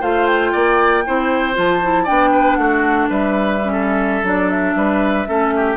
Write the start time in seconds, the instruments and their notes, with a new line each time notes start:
0.00 bassoon A3, clarinet F4, oboe C5, flute F5
0.26 flute G5
0.52 bassoon A#3, oboe D5
1.06 bassoon C4, clarinet E4, oboe C5
1.53 bassoon F3, clarinet F4, flute A5
1.82 clarinet E4
2.03 bassoon B3, clarinet D4, oboe D5, flute G5
2.31 oboe B4
2.55 bassoon A3, oboe F#4, flute F#5
3.09 bassoon G3, oboe B4, flute E5
3.63 clarinet C#4
3.72 oboe A4
4.23 bassoon F#3, clarinet D4, flute D5
4.49 flute E5
4.75 bassoon G3, oboe B4
5.26 bassoon A3, clarinet C#4, oboe A4
5.55 oboe G4